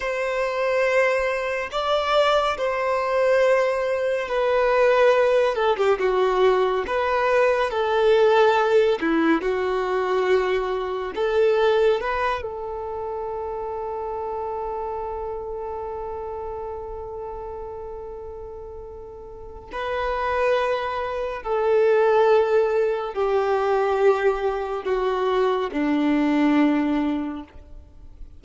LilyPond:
\new Staff \with { instrumentName = "violin" } { \time 4/4 \tempo 4 = 70 c''2 d''4 c''4~ | c''4 b'4. a'16 g'16 fis'4 | b'4 a'4. e'8 fis'4~ | fis'4 a'4 b'8 a'4.~ |
a'1~ | a'2. b'4~ | b'4 a'2 g'4~ | g'4 fis'4 d'2 | }